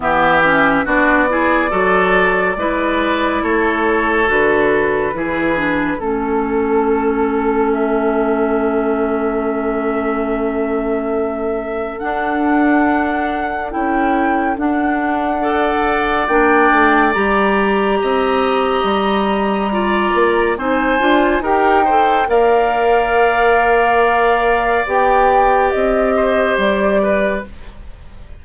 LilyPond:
<<
  \new Staff \with { instrumentName = "flute" } { \time 4/4 \tempo 4 = 70 e''4 d''2. | cis''4 b'2 a'4~ | a'4 e''2.~ | e''2 fis''2 |
g''4 fis''2 g''4 | ais''1 | gis''4 g''4 f''2~ | f''4 g''4 dis''4 d''4 | }
  \new Staff \with { instrumentName = "oboe" } { \time 4/4 g'4 fis'8 gis'8 a'4 b'4 | a'2 gis'4 a'4~ | a'1~ | a'1~ |
a'2 d''2~ | d''4 dis''2 d''4 | c''4 ais'8 c''8 d''2~ | d''2~ d''8 c''4 b'8 | }
  \new Staff \with { instrumentName = "clarinet" } { \time 4/4 b8 cis'8 d'8 e'8 fis'4 e'4~ | e'4 fis'4 e'8 d'8 cis'4~ | cis'1~ | cis'2 d'2 |
e'4 d'4 a'4 d'4 | g'2. f'4 | dis'8 f'8 g'8 a'8 ais'2~ | ais'4 g'2. | }
  \new Staff \with { instrumentName = "bassoon" } { \time 4/4 e4 b4 fis4 gis4 | a4 d4 e4 a4~ | a1~ | a2 d'2 |
cis'4 d'2 ais8 a8 | g4 c'4 g4. ais8 | c'8 d'8 dis'4 ais2~ | ais4 b4 c'4 g4 | }
>>